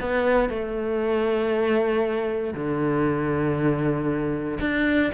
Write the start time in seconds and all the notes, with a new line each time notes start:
0.00 B3
0.49 A3
2.53 D3
4.60 D4